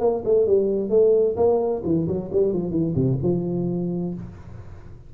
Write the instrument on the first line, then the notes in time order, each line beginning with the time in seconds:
tuba
0.00 A#3
0.25 A3
0.46 G3
0.90 A3
1.36 A#3
1.84 E3
2.08 F#3
2.32 G3
2.53 F3
2.70 E3
2.95 C3
3.22 F3